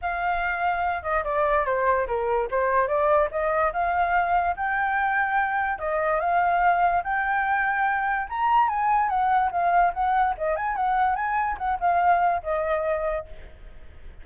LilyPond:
\new Staff \with { instrumentName = "flute" } { \time 4/4 \tempo 4 = 145 f''2~ f''8 dis''8 d''4 | c''4 ais'4 c''4 d''4 | dis''4 f''2 g''4~ | g''2 dis''4 f''4~ |
f''4 g''2. | ais''4 gis''4 fis''4 f''4 | fis''4 dis''8 gis''8 fis''4 gis''4 | fis''8 f''4. dis''2 | }